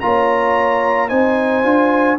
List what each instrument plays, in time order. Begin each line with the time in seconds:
0.00 tuba A#3, trombone F4, horn C#5, trumpet A#5
1.09 tuba C4, trombone D#4, horn C5, trumpet G#5
1.63 tuba D4, trombone F4